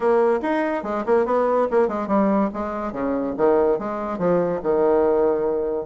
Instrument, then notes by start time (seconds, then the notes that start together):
bassoon
0.00 A#3
0.42 D#4
0.83 G#3
1.05 A#3
1.25 B3
1.71 A#3
1.87 G#3
2.07 G3
2.53 G#3
2.92 C#3
3.37 D#3
3.79 G#3
4.18 F3
4.62 D#3